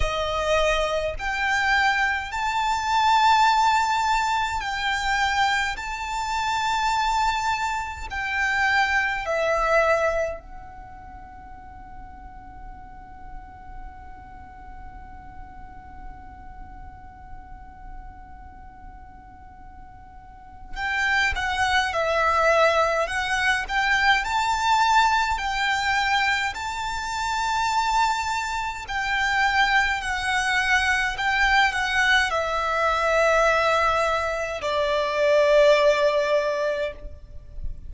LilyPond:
\new Staff \with { instrumentName = "violin" } { \time 4/4 \tempo 4 = 52 dis''4 g''4 a''2 | g''4 a''2 g''4 | e''4 fis''2.~ | fis''1~ |
fis''2 g''8 fis''8 e''4 | fis''8 g''8 a''4 g''4 a''4~ | a''4 g''4 fis''4 g''8 fis''8 | e''2 d''2 | }